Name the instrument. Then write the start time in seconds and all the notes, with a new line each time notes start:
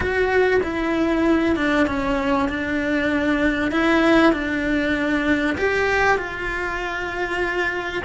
cello
0.00 F#4
0.63 E4
1.55 D4
1.87 C#4
2.49 D4
3.71 E4
4.32 D4
5.57 G4
6.17 F4